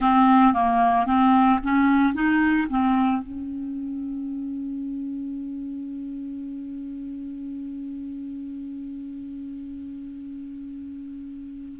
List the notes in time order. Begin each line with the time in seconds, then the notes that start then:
0.00 C4
0.53 A#3
1.06 C4
1.63 C#4
2.14 D#4
2.69 C4
3.22 C#4